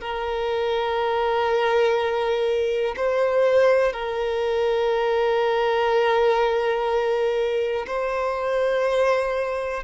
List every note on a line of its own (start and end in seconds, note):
0.00 2.95 A#4
2.96 3.93 C5
3.93 7.86 A#4
7.86 9.83 C5